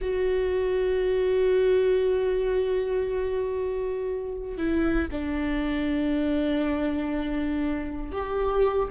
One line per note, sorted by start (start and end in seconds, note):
0.01 4.57 F#4
4.57 5.08 E4
5.11 8.12 D4
8.12 8.88 G4